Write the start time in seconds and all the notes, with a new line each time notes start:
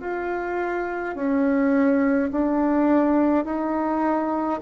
0.00 F4
1.15 C#4
2.31 D4
3.45 D#4